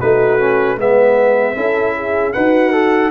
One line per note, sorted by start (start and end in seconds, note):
0.00 0.78 A3
0.00 0.39 D#4
0.00 0.78 F#4
0.00 0.78 B4
0.39 0.78 C#4
0.78 1.56 G#3
0.78 1.56 B3
0.78 1.57 B4
0.78 2.33 E5
1.56 2.34 C#4
1.56 2.34 E4
1.56 1.96 A4
1.96 2.35 G#4
2.33 3.11 D#4
2.33 3.11 F#4
2.33 2.73 B4
2.33 3.11 F#5
2.73 3.11 A4